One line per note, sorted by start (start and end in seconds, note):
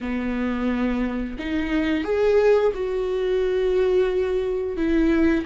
0.01 1.37 B3
1.38 2.04 D#4
2.04 2.72 G#4
2.74 4.76 F#4
4.76 5.45 E4